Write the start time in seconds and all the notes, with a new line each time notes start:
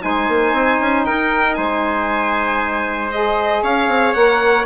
0.00 G#3 D#4 C5 G#5
0.28 A#3
0.52 C4
0.80 C#4
1.05 D#4 A#4 G5
1.55 G#3 C5 G#5
3.11 G#4 D#5
3.63 C#4 C#5 F5
3.88 C4
4.14 A#3 A#4 F#5